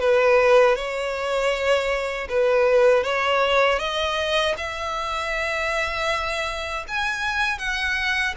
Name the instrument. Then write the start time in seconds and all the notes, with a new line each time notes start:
violin
0.00 B4
0.76 C#5
2.29 B4
3.04 C#5
3.79 D#5
4.58 E5
6.88 G#5
7.59 F#5